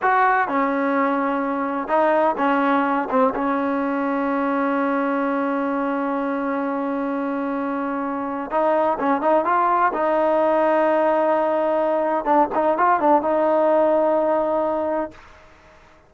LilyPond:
\new Staff \with { instrumentName = "trombone" } { \time 4/4 \tempo 4 = 127 fis'4 cis'2. | dis'4 cis'4. c'8 cis'4~ | cis'1~ | cis'1~ |
cis'2 dis'4 cis'8 dis'8 | f'4 dis'2.~ | dis'2 d'8 dis'8 f'8 d'8 | dis'1 | }